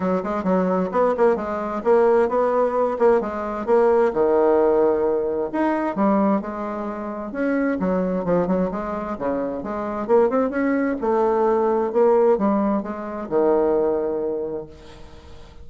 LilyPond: \new Staff \with { instrumentName = "bassoon" } { \time 4/4 \tempo 4 = 131 fis8 gis8 fis4 b8 ais8 gis4 | ais4 b4. ais8 gis4 | ais4 dis2. | dis'4 g4 gis2 |
cis'4 fis4 f8 fis8 gis4 | cis4 gis4 ais8 c'8 cis'4 | a2 ais4 g4 | gis4 dis2. | }